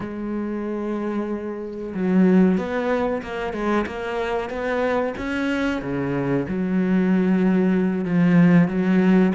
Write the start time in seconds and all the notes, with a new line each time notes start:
0.00 G#3
1.94 F#3
2.57 B3
3.23 A#3
3.53 G#3
3.86 A#3
4.49 B3
5.17 C#4
5.81 C#3
6.48 F#3
8.04 F3
8.68 F#3